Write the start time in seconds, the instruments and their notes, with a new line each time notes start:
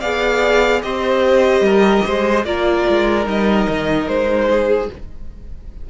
0.00 cello B3, viola G#4, violin D5 F5
0.82 cello C4, viola G4, violin C5 D#5
1.60 cello G3, violin A#4
2.05 cello G#3, violin C5
2.44 cello A#3, viola F4, violin A#4 D5
2.89 cello G#3
3.23 cello G3, viola D#4, violin D#5
3.68 cello D#3
4.07 cello G#3, violin C5
4.49 violin G#4